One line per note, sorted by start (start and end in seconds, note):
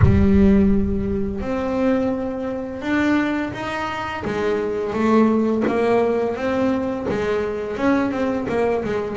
0.01 1.40 G3
1.40 2.81 C4
2.81 3.52 D4
3.53 4.23 D#4
4.24 4.93 G#3
4.93 5.63 A3
5.67 6.35 A#3
6.35 7.06 C4
7.08 7.76 G#3
7.76 8.11 C#4
8.11 8.46 C4
8.48 8.84 A#3
8.84 9.16 G#3